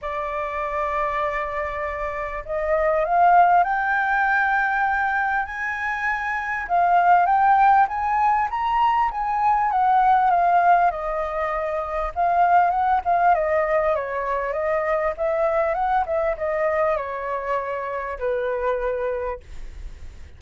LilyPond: \new Staff \with { instrumentName = "flute" } { \time 4/4 \tempo 4 = 99 d''1 | dis''4 f''4 g''2~ | g''4 gis''2 f''4 | g''4 gis''4 ais''4 gis''4 |
fis''4 f''4 dis''2 | f''4 fis''8 f''8 dis''4 cis''4 | dis''4 e''4 fis''8 e''8 dis''4 | cis''2 b'2 | }